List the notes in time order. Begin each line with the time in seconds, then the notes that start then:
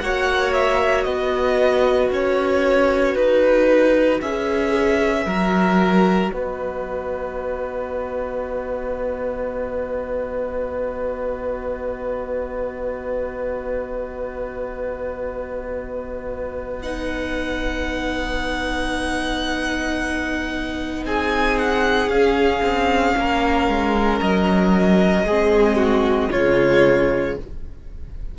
0.00 A#3 F#4 C#5 F#5
0.53 E5
1.04 B3 B4 D#5
2.12 C#4 C#5
3.16 D#4 B4
4.21 C#4 G#4 E5
5.26 F#3 F#4 A#4
6.31 B3 B4 D#5
16.83 D#4 F#5
21.06 C4 G#4 G#5
21.59 F#5
22.08 C#4 F5
22.62 C4
23.17 A#3 A#4
23.68 G#3
24.21 F#3 D#5
25.24 G#3 C4 G#4
25.77 F#4
26.31 C#3 G#3 F4 C#5